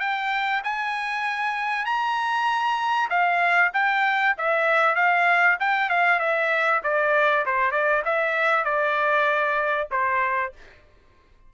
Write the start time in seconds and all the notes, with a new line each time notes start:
0.00 G5
0.64 G#5
1.86 A#5
3.10 F5
3.74 G5
4.38 E5
4.96 F5
5.60 G5
5.90 F5
6.20 E5
6.84 D5
7.46 C5
7.72 D5
8.05 E5
8.65 D5
9.91 C5